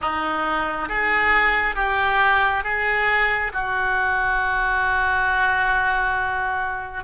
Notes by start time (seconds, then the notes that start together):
0.01 D#4
0.88 G#4
1.75 G4
2.63 G#4
3.53 F#4